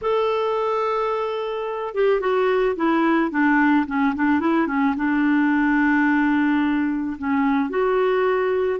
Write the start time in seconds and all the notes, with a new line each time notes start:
0.02 A4
1.94 G4
2.20 F#4
2.76 E4
3.30 D4
3.87 C#4
4.15 D4
4.40 E4
4.67 C#4
4.96 D4
7.18 C#4
7.69 F#4